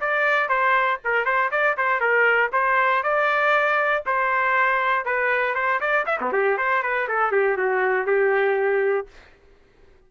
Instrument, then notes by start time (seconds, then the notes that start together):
trumpet
0.00 D5
0.48 C5
1.04 A#4
1.25 C5
1.51 D5
1.77 C5
2.00 A#4
2.52 C5
3.03 D5
4.06 C5
5.05 B4
5.55 C5
5.80 D5
6.06 E5
6.21 B3
6.32 G4
6.57 C5
6.83 B4
7.08 A4
7.32 G4
7.57 F#4
8.06 G4